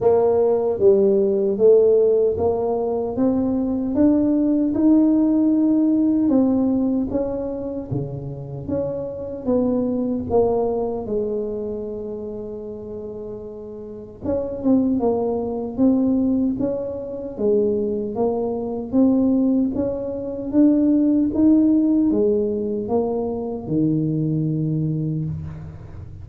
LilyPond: \new Staff \with { instrumentName = "tuba" } { \time 4/4 \tempo 4 = 76 ais4 g4 a4 ais4 | c'4 d'4 dis'2 | c'4 cis'4 cis4 cis'4 | b4 ais4 gis2~ |
gis2 cis'8 c'8 ais4 | c'4 cis'4 gis4 ais4 | c'4 cis'4 d'4 dis'4 | gis4 ais4 dis2 | }